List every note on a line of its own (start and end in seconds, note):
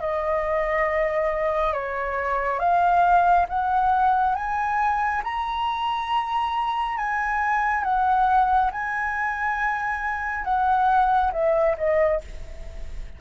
0.00 1.73 D#5
1.73 2.59 C#5
2.59 3.46 F5
3.48 4.35 F#5
4.35 5.22 G#5
5.23 6.97 A#5
6.97 7.83 G#5
7.83 8.70 F#5
8.71 10.44 G#5
10.44 11.31 F#5
11.32 11.75 E5
11.77 12.21 D#5